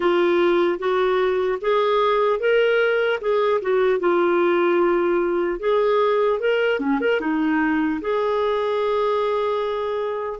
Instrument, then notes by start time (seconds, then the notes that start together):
clarinet
0.00 F4
0.78 F#4
1.61 G#4
2.39 A#4
3.20 G#4
3.61 F#4
3.99 F4
5.59 G#4
6.39 A#4
6.79 C#4
7.00 A#4
7.20 D#4
8.01 G#4